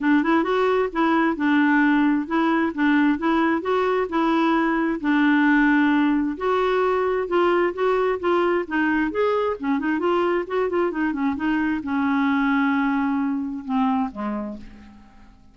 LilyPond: \new Staff \with { instrumentName = "clarinet" } { \time 4/4 \tempo 4 = 132 d'8 e'8 fis'4 e'4 d'4~ | d'4 e'4 d'4 e'4 | fis'4 e'2 d'4~ | d'2 fis'2 |
f'4 fis'4 f'4 dis'4 | gis'4 cis'8 dis'8 f'4 fis'8 f'8 | dis'8 cis'8 dis'4 cis'2~ | cis'2 c'4 gis4 | }